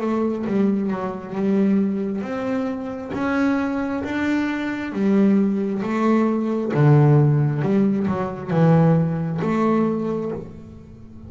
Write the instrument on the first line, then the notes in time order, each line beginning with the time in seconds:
double bass
0.00 A3
0.46 G3
0.90 F#3
1.35 G3
2.21 C4
3.13 C#4
4.03 D4
4.92 G3
5.82 A3
6.74 D3
7.62 G3
8.07 F#3
8.50 E3
9.42 A3